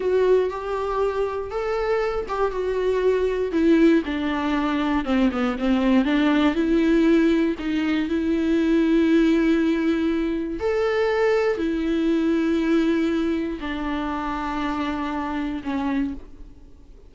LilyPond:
\new Staff \with { instrumentName = "viola" } { \time 4/4 \tempo 4 = 119 fis'4 g'2 a'4~ | a'8 g'8 fis'2 e'4 | d'2 c'8 b8 c'4 | d'4 e'2 dis'4 |
e'1~ | e'4 a'2 e'4~ | e'2. d'4~ | d'2. cis'4 | }